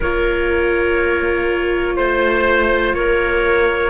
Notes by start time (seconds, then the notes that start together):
0.00 A#3 F4 A#4 C#5
1.96 A3 C5
2.93 A#3 A#4 C#5